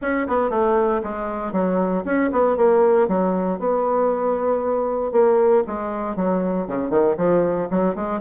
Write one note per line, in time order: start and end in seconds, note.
0.01 0.27 C#4
0.27 0.50 B3
0.50 1.01 A3
1.03 1.52 G#3
1.52 2.03 F#3
2.04 2.30 C#4
2.31 2.56 B3
2.56 3.08 A#3
3.08 3.59 F#3
3.59 5.12 B3
5.12 5.63 A#3
5.66 6.15 G#3
6.15 6.67 F#3
6.67 6.90 C#3
6.90 7.15 D#3
7.17 7.68 F3
7.70 7.95 F#3
7.95 8.21 G#3